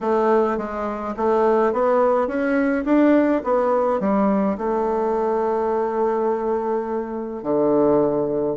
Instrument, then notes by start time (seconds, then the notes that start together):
bassoon
0.00 A3
0.57 G#3
1.16 A3
1.72 B3
2.27 C#4
2.84 D4
3.43 B3
3.99 G3
4.57 A3
7.42 D3